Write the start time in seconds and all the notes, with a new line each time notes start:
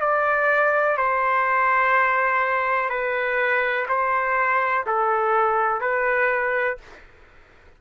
0.00 D5
0.97 C5
2.89 B4
3.88 C5
4.86 A4
5.81 B4